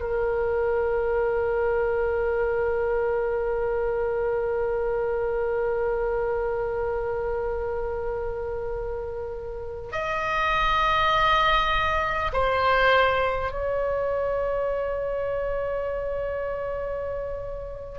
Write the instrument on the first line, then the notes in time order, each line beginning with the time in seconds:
oboe
0.00 A#4
9.92 D#5
12.33 C5
13.52 C#5